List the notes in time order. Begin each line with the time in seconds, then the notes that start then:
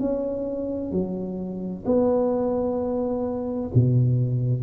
0.00 C#4
0.92 F#3
1.86 B3
3.75 B2